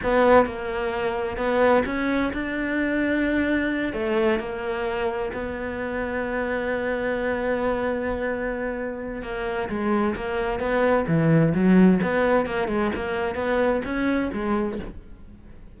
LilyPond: \new Staff \with { instrumentName = "cello" } { \time 4/4 \tempo 4 = 130 b4 ais2 b4 | cis'4 d'2.~ | d'8 a4 ais2 b8~ | b1~ |
b1 | ais4 gis4 ais4 b4 | e4 fis4 b4 ais8 gis8 | ais4 b4 cis'4 gis4 | }